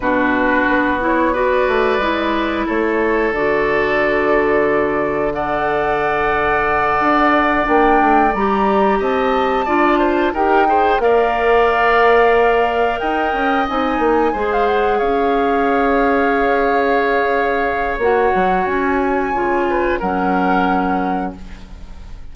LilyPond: <<
  \new Staff \with { instrumentName = "flute" } { \time 4/4 \tempo 4 = 90 b'4. cis''8 d''2 | cis''4 d''2. | fis''2.~ fis''8 g''8~ | g''8 ais''4 a''2 g''8~ |
g''8 f''2. g''8~ | g''8 gis''4~ gis''16 f''16 fis''8 f''4.~ | f''2. fis''4 | gis''2 fis''2 | }
  \new Staff \with { instrumentName = "oboe" } { \time 4/4 fis'2 b'2 | a'1 | d''1~ | d''4. dis''4 d''8 c''8 ais'8 |
c''8 d''2. dis''8~ | dis''4. c''4 cis''4.~ | cis''1~ | cis''4. b'8 ais'2 | }
  \new Staff \with { instrumentName = "clarinet" } { \time 4/4 d'4. e'8 fis'4 e'4~ | e'4 fis'2. | a'2.~ a'8 d'8~ | d'8 g'2 f'4 g'8 |
gis'8 ais'2.~ ais'8~ | ais'8 dis'4 gis'2~ gis'8~ | gis'2. fis'4~ | fis'4 f'4 cis'2 | }
  \new Staff \with { instrumentName = "bassoon" } { \time 4/4 b,4 b4. a8 gis4 | a4 d2.~ | d2~ d8 d'4 ais8 | a8 g4 c'4 d'4 dis'8~ |
dis'8 ais2. dis'8 | cis'8 c'8 ais8 gis4 cis'4.~ | cis'2. ais8 fis8 | cis'4 cis4 fis2 | }
>>